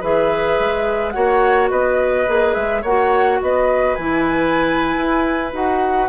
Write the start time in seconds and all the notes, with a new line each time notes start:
0.00 E3 G#4 B4 E5
0.59 G#3
1.11 A#3 F#4 C#5 F#5
1.70 B3 B4 D#5
2.26 A#3 G#4
2.54 G#3 E5
2.82 A#3 F#4 C#5 F#5
3.42 B3 B4 D#5
3.95 E3 E4 G#5
4.96 E4
5.52 D#4 F#4 F#5